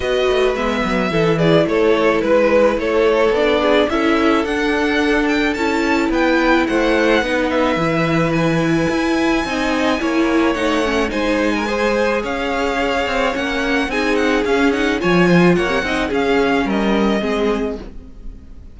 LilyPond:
<<
  \new Staff \with { instrumentName = "violin" } { \time 4/4 \tempo 4 = 108 dis''4 e''4. d''8 cis''4 | b'4 cis''4 d''4 e''4 | fis''4. g''8 a''4 g''4 | fis''4. e''4. gis''4~ |
gis''2. fis''4 | gis''2 f''2 | fis''4 gis''8 fis''8 f''8 fis''8 gis''4 | fis''4 f''4 dis''2 | }
  \new Staff \with { instrumentName = "violin" } { \time 4/4 b'2 a'8 gis'8 a'4 | b'4 a'4. gis'8 a'4~ | a'2. b'4 | c''4 b'2.~ |
b'4 dis''4 cis''2 | c''8. ais'16 c''4 cis''2~ | cis''4 gis'2 cis''8 c''8 | cis''8 dis''8 gis'4 ais'4 gis'4 | }
  \new Staff \with { instrumentName = "viola" } { \time 4/4 fis'4 b4 e'2~ | e'2 d'4 e'4 | d'2 e'2~ | e'4 dis'4 e'2~ |
e'4 dis'4 e'4 dis'8 cis'8 | dis'4 gis'2. | cis'4 dis'4 cis'8 dis'8 f'4~ | f'16 c16 dis'8 cis'2 c'4 | }
  \new Staff \with { instrumentName = "cello" } { \time 4/4 b8 a8 gis8 fis8 e4 a4 | gis4 a4 b4 cis'4 | d'2 cis'4 b4 | a4 b4 e2 |
e'4 c'4 ais4 a4 | gis2 cis'4. c'8 | ais4 c'4 cis'4 f4 | ais8 c'8 cis'4 g4 gis4 | }
>>